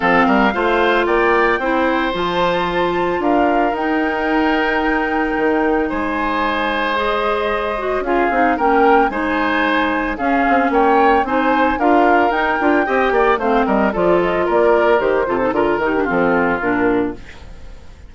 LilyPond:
<<
  \new Staff \with { instrumentName = "flute" } { \time 4/4 \tempo 4 = 112 f''2 g''2 | a''2 f''4 g''4~ | g''2. gis''4~ | gis''4 dis''2 f''4 |
g''4 gis''2 f''4 | g''4 gis''4 f''4 g''4~ | g''4 f''8 dis''8 d''8 dis''8 d''4 | c''4 ais'8 g'8 a'4 ais'4 | }
  \new Staff \with { instrumentName = "oboe" } { \time 4/4 a'8 ais'8 c''4 d''4 c''4~ | c''2 ais'2~ | ais'2. c''4~ | c''2. gis'4 |
ais'4 c''2 gis'4 | cis''4 c''4 ais'2 | dis''8 d''8 c''8 ais'8 a'4 ais'4~ | ais'8 a'8 ais'4 f'2 | }
  \new Staff \with { instrumentName = "clarinet" } { \time 4/4 c'4 f'2 e'4 | f'2. dis'4~ | dis'1~ | dis'4 gis'4. fis'8 f'8 dis'8 |
cis'4 dis'2 cis'4~ | cis'4 dis'4 f'4 dis'8 f'8 | g'4 c'4 f'2 | g'8 f'16 dis'16 f'8 dis'16 d'16 c'4 d'4 | }
  \new Staff \with { instrumentName = "bassoon" } { \time 4/4 f8 g8 a4 ais4 c'4 | f2 d'4 dis'4~ | dis'2 dis4 gis4~ | gis2. cis'8 c'8 |
ais4 gis2 cis'8 c'8 | ais4 c'4 d'4 dis'8 d'8 | c'8 ais8 a8 g8 f4 ais4 | dis8 c8 d8 dis8 f4 ais,4 | }
>>